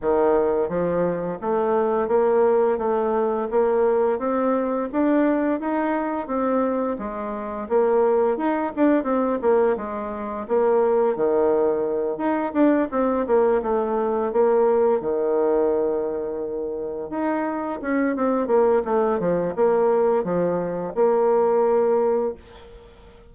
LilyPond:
\new Staff \with { instrumentName = "bassoon" } { \time 4/4 \tempo 4 = 86 dis4 f4 a4 ais4 | a4 ais4 c'4 d'4 | dis'4 c'4 gis4 ais4 | dis'8 d'8 c'8 ais8 gis4 ais4 |
dis4. dis'8 d'8 c'8 ais8 a8~ | a8 ais4 dis2~ dis8~ | dis8 dis'4 cis'8 c'8 ais8 a8 f8 | ais4 f4 ais2 | }